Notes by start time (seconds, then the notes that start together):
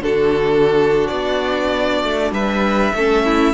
0.00 D3 D4 F#4 A4
1.08 B3 D5
2.04 A3
2.31 G3 B4 E5
2.93 A3 C#4 A4
3.25 E4